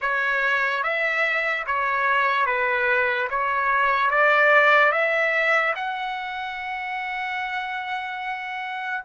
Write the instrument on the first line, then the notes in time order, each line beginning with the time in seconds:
trumpet
0.01 C#5
0.83 E5
1.66 C#5
2.46 B4
3.30 C#5
4.10 D5
4.91 E5
5.75 F#5